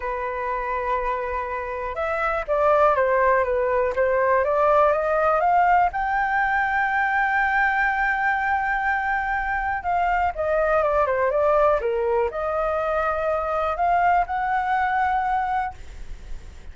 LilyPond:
\new Staff \with { instrumentName = "flute" } { \time 4/4 \tempo 4 = 122 b'1 | e''4 d''4 c''4 b'4 | c''4 d''4 dis''4 f''4 | g''1~ |
g''1 | f''4 dis''4 d''8 c''8 d''4 | ais'4 dis''2. | f''4 fis''2. | }